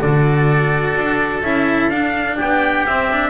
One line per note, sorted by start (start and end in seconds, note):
0.00 0.97 D3
0.00 1.43 F#4
0.00 2.37 A4
0.00 1.43 D5
0.97 1.43 D4
1.43 1.90 C#4
1.43 1.91 E4
1.43 1.90 E5
1.90 2.38 D4
1.90 2.87 D4
1.90 2.38 F5
2.37 2.88 B3
2.37 3.30 G4
2.37 2.87 G5
2.87 3.30 C4
2.87 3.12 C4
2.87 3.30 E5
3.12 3.30 D4